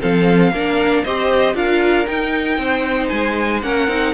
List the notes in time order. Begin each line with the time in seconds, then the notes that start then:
0.00 F3 C4 A4 F5
0.52 A#3 D4 A#4
1.03 C4 G4 C5 D#5
1.54 D4 F4 A#4 F5
2.07 D#4 G5
2.57 C4 C5
3.08 G#3 G#5
3.62 A#3 C#4 A#4 F#5
3.87 C4 D#4